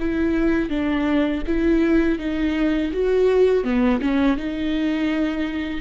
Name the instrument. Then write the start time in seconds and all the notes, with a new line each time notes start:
viola
0.00 E4
0.70 D4
1.47 E4
2.19 D#4
2.93 F#4
3.64 B3
4.02 C#4
4.37 D#4